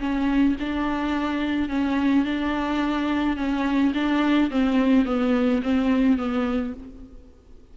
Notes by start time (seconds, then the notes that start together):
0.00 C#4
0.60 D4
1.69 C#4
2.25 D4
3.37 C#4
3.95 D4
4.51 C4
5.06 B3
5.63 C4
6.18 B3